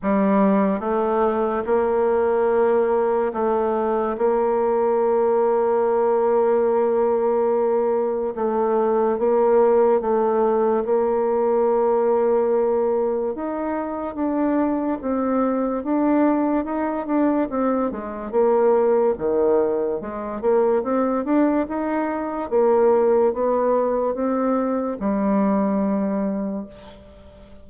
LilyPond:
\new Staff \with { instrumentName = "bassoon" } { \time 4/4 \tempo 4 = 72 g4 a4 ais2 | a4 ais2.~ | ais2 a4 ais4 | a4 ais2. |
dis'4 d'4 c'4 d'4 | dis'8 d'8 c'8 gis8 ais4 dis4 | gis8 ais8 c'8 d'8 dis'4 ais4 | b4 c'4 g2 | }